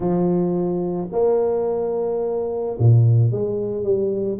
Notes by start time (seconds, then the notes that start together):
0.00 F3
1.12 A#3
2.78 A#2
3.31 G#3
3.83 G3